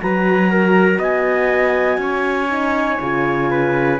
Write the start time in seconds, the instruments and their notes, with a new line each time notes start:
0.00 cello F#3, horn F#4, trumpet B4, clarinet A#5
0.51 trumpet A#4
0.99 cello B3, trumpet D#5, clarinet G#5
1.98 cello C#4, trumpet C#5
2.49 horn D#4
3.01 cello C#3, horn F4
3.51 trumpet B4